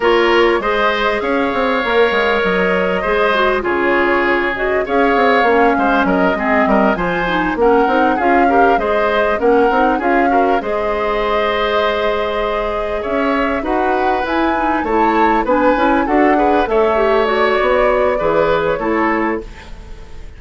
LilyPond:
<<
  \new Staff \with { instrumentName = "flute" } { \time 4/4 \tempo 4 = 99 cis''4 dis''4 f''2 | dis''2 cis''4. dis''8 | f''2 dis''4. gis''8~ | gis''8 fis''4 f''4 dis''4 fis''8~ |
fis''8 f''4 dis''2~ dis''8~ | dis''4. e''4 fis''4 gis''8~ | gis''8 a''4 gis''4 fis''4 e''8~ | e''8 d''2~ d''16 cis''4~ cis''16 | }
  \new Staff \with { instrumentName = "oboe" } { \time 4/4 ais'4 c''4 cis''2~ | cis''4 c''4 gis'2 | cis''4. c''8 ais'8 gis'8 ais'8 c''8~ | c''8 ais'4 gis'8 ais'8 c''4 ais'8~ |
ais'8 gis'8 ais'8 c''2~ c''8~ | c''4. cis''4 b'4.~ | b'8 cis''4 b'4 a'8 b'8 cis''8~ | cis''2 b'4 a'4 | }
  \new Staff \with { instrumentName = "clarinet" } { \time 4/4 f'4 gis'2 ais'4~ | ais'4 gis'8 fis'8 f'4. fis'8 | gis'4 cis'4. c'4 f'8 | dis'8 cis'8 dis'8 f'8 g'8 gis'4 cis'8 |
dis'8 f'8 fis'8 gis'2~ gis'8~ | gis'2~ gis'8 fis'4 e'8 | dis'8 e'4 d'8 e'8 fis'8 gis'8 a'8 | g'8 fis'4. gis'4 e'4 | }
  \new Staff \with { instrumentName = "bassoon" } { \time 4/4 ais4 gis4 cis'8 c'8 ais8 gis8 | fis4 gis4 cis2 | cis'8 c'8 ais8 gis8 fis8 gis8 g8 f8~ | f8 ais8 c'8 cis'4 gis4 ais8 |
c'8 cis'4 gis2~ gis8~ | gis4. cis'4 dis'4 e'8~ | e'8 a4 b8 cis'8 d'4 a8~ | a4 b4 e4 a4 | }
>>